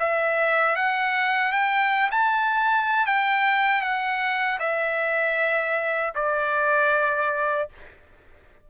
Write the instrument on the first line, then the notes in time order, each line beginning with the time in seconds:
trumpet
0.00 E5
0.76 F#5
1.52 G5
2.11 A5
3.06 G5
3.82 F#5
4.60 E5
6.15 D5